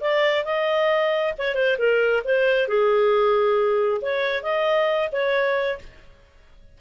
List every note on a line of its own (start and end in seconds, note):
0.00 0.44 D5
0.44 1.33 D#5
1.38 1.55 C#5
1.55 1.77 C5
1.78 2.23 A#4
2.24 2.68 C5
2.68 4.01 G#4
4.02 4.43 C#5
4.43 5.09 D#5
5.12 5.78 C#5